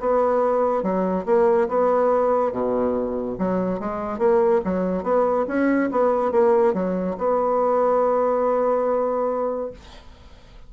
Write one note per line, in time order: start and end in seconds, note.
0.00 0.83 B3
0.83 1.25 F#3
1.26 1.68 A#3
1.68 2.52 B3
2.52 3.37 B2
3.39 3.80 F#3
3.80 4.19 G#3
4.19 4.61 A#3
4.64 5.04 F#3
5.04 5.46 B3
5.48 5.90 C#4
5.92 6.32 B3
6.32 6.74 A#3
6.74 7.16 F#3
7.18 9.71 B3